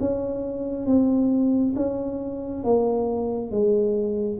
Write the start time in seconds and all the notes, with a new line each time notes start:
0.00 C#4
0.86 C4
1.76 C#4
2.64 A#3
3.51 G#3